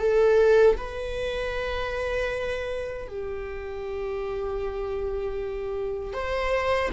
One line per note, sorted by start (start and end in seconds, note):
0.00 0.77 A4
0.77 3.08 B4
3.08 6.14 G4
6.14 6.91 C5